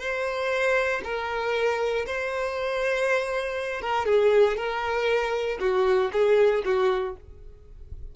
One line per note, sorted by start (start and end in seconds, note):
0.00 1.02 C5
1.04 2.05 A#4
2.06 3.81 C5
3.81 4.06 A#4
4.06 4.57 G#4
4.57 5.58 A#4
5.60 6.11 F#4
6.12 6.63 G#4
6.65 7.16 F#4